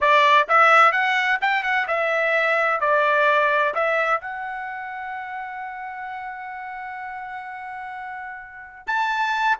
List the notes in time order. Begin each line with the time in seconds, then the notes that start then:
0.01 D5
0.48 E5
0.92 F#5
1.41 G5
1.63 F#5
1.87 E5
2.80 D5
3.74 E5
4.20 F#5
8.86 A5